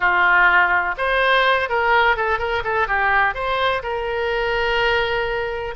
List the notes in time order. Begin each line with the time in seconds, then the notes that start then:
0.00 F4
0.97 C5
1.69 A#4
2.16 A4
2.39 A#4
2.64 A4
2.87 G4
3.34 C5
3.83 A#4